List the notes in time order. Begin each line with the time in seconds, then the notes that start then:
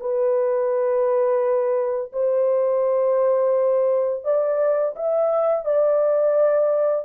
0.00 B4
2.12 C5
4.24 D5
4.95 E5
5.65 D5